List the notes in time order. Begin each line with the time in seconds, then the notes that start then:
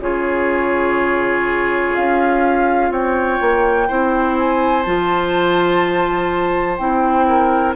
0.00 C#3 F4 G#4 C#5
1.95 C#4 F5
2.90 C4 C#5 G5
3.41 A#3
3.88 C4 E4 C5
4.39 G#5
4.83 F3 F4 A5
6.77 C4 E4 G5
7.29 A#4